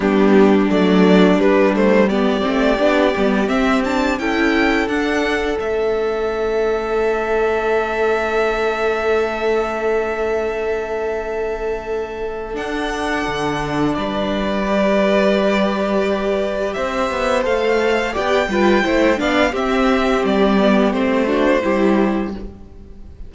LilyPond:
<<
  \new Staff \with { instrumentName = "violin" } { \time 4/4 \tempo 4 = 86 g'4 d''4 b'8 c''8 d''4~ | d''4 e''8 a''8 g''4 fis''4 | e''1~ | e''1~ |
e''2 fis''2 | d''1 | e''4 f''4 g''4. f''8 | e''4 d''4 c''2 | }
  \new Staff \with { instrumentName = "violin" } { \time 4/4 d'2. g'4~ | g'2 a'2~ | a'1~ | a'1~ |
a'1 | b'1 | c''2 d''8 b'8 c''8 d''8 | g'2~ g'8 fis'8 g'4 | }
  \new Staff \with { instrumentName = "viola" } { \time 4/4 b4 a4 g8 a8 b8 c'8 | d'8 b8 c'8 d'8 e'4 d'4 | cis'1~ | cis'1~ |
cis'2 d'2~ | d'4 g'2.~ | g'4 a'4 g'8 f'8 e'8 d'8 | c'4. b8 c'8 d'8 e'4 | }
  \new Staff \with { instrumentName = "cello" } { \time 4/4 g4 fis4 g4. a8 | b8 g8 c'4 cis'4 d'4 | a1~ | a1~ |
a2 d'4 d4 | g1 | c'8 b8 a4 b8 g8 a8 b8 | c'4 g4 a4 g4 | }
>>